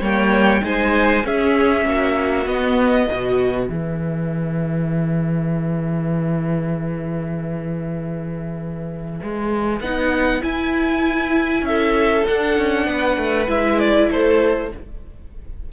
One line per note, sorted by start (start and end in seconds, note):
0.00 0.61 G3
0.00 0.61 A#3
0.00 0.62 C#5
0.00 0.65 G5
0.61 1.24 G#3
0.61 1.22 D#4
0.61 1.25 C5
0.61 1.26 G#5
1.24 1.84 C#4
1.24 2.46 C#4
1.24 1.87 G#4
1.24 2.47 E5
1.84 2.46 A#3
1.84 3.07 F#4
2.46 3.07 B3
2.46 3.08 B3
2.46 3.69 D#5
3.07 3.69 B2
3.07 3.69 F#4
3.07 11.64 B4
3.69 9.20 E3
3.69 9.81 G#4
3.69 9.81 E5
9.23 9.80 G#3
9.80 10.41 B3
9.80 10.41 D#4
9.80 10.42 F#5
10.41 12.24 E4
10.41 11.62 E4
10.41 11.65 G#5
11.62 12.23 C#4
11.62 12.86 A4
11.62 12.26 E5
12.27 12.57 D4
12.27 13.47 D4
12.27 13.49 F#5
12.57 12.86 C#4
12.86 13.17 B3
12.86 14.09 B4
13.17 13.47 A3
13.47 14.09 G#3
13.47 14.69 E4
13.47 13.79 E5
13.79 14.10 D5
14.10 14.72 A3
14.10 14.71 A4
14.10 14.72 C5